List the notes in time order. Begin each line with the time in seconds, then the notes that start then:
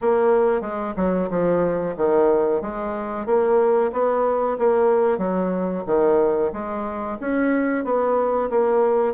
0.01 A#3
0.61 G#3
0.96 F#3
1.30 F3
1.96 D#3
2.61 G#3
3.26 A#3
3.92 B3
4.58 A#3
5.18 F#3
5.86 D#3
6.52 G#3
7.20 C#4
7.84 B3
8.50 A#3